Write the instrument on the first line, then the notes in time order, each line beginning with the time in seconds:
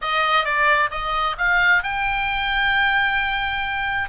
oboe
0.01 D#5
0.44 D5
0.90 D#5
1.38 F5
1.83 G5